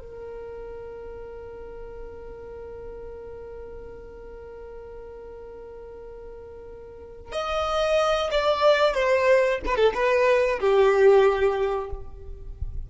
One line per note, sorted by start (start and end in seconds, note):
0.00 7.33 A#4
7.33 8.30 D#5
8.31 8.94 D5
8.94 9.60 C5
9.66 9.77 B4
9.77 9.93 A4
9.94 10.59 B4
10.60 11.91 G4